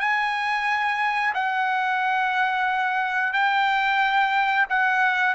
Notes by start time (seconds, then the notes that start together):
0.00 G#5
1.34 F#5
3.33 G5
4.70 F#5